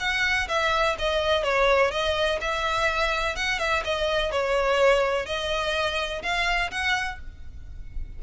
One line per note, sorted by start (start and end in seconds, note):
0.00 0.48 F#5
0.48 0.96 E5
0.99 1.44 D#5
1.44 1.91 C#5
1.91 2.39 D#5
2.41 3.36 E5
3.36 3.59 F#5
3.59 3.83 E5
3.84 4.32 D#5
4.32 5.26 C#5
5.26 6.22 D#5
6.23 6.71 F5
6.71 7.19 F#5